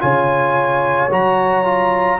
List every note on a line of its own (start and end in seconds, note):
0.00 1.12 C#3
0.00 1.09 F4
0.00 2.20 C#5
0.00 1.11 G#5
1.11 2.20 F#3
1.11 1.65 F#4
1.11 2.20 A#5
1.65 2.19 F4